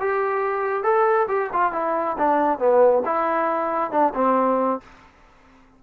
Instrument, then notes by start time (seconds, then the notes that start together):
trombone
0.00 G4
0.83 A4
1.28 G4
1.53 F4
1.72 E4
2.18 D4
2.59 B3
3.05 E4
3.91 D4
4.14 C4